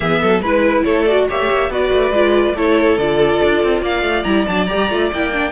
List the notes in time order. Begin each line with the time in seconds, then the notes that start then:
0.00 E3 B3 G#4 E5
0.21 F#3 A4
0.40 G#3 E4 B4
0.84 A3 A4 C#5
1.04 F#4 D5
1.27 A#3 G4 C#5 E5
1.39 A3
1.50 A#3
1.69 B3 F#4 B4 D5
1.92 A3
2.11 G#3 F4
2.54 A3 E4 A4 C#5
2.97 D3 F4 D5
3.43 D4
3.63 C4
3.81 A#3 D5 F5
4.02 A3
4.23 G3 E4 A#5
4.46 F#3 D4 A5
4.66 G4 A#5
4.73 G3
4.90 A3 F4
5.12 A#3 E4 G5
5.32 D4